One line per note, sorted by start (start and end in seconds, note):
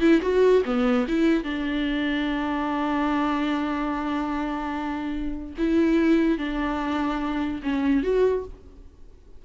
0.00 0.21 E4
0.21 0.63 F#4
0.65 1.06 B3
1.08 1.43 E4
1.43 5.54 D4
5.58 6.38 E4
6.38 7.61 D4
7.63 8.03 C#4
8.03 8.44 F#4